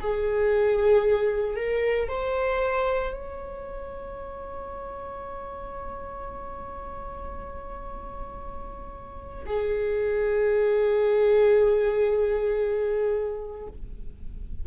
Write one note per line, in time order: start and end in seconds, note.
0.00 1.56 G#4
1.56 2.09 A#4
2.09 3.13 C5
3.13 9.45 C#5
9.46 13.67 G#4